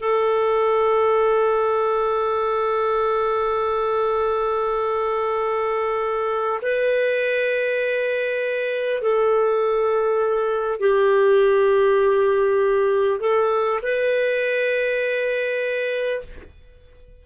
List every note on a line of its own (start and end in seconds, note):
0.00 6.60 A4
6.62 9.02 B4
9.02 10.80 A4
10.80 13.20 G4
13.20 13.80 A4
13.82 16.22 B4